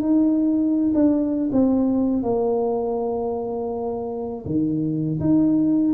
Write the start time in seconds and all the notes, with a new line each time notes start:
0.00 D#4
0.94 D4
1.52 C4
2.23 A#3
4.45 D#3
5.20 D#4